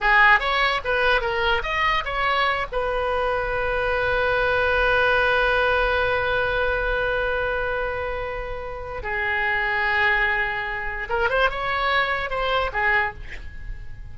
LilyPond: \new Staff \with { instrumentName = "oboe" } { \time 4/4 \tempo 4 = 146 gis'4 cis''4 b'4 ais'4 | dis''4 cis''4. b'4.~ | b'1~ | b'1~ |
b'1~ | b'2 gis'2~ | gis'2. ais'8 c''8 | cis''2 c''4 gis'4 | }